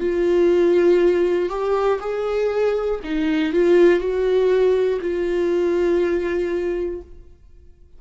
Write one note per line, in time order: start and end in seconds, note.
0.00 1.49 F4
1.49 1.99 G4
2.00 3.00 G#4
3.03 3.52 D#4
3.52 3.99 F4
3.99 4.99 F#4
5.01 7.01 F4